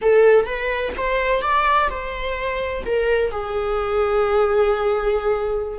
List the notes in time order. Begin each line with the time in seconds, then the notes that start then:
0.01 A4
0.45 B4
0.97 C5
1.41 D5
1.89 C5
2.85 A#4
3.31 G#4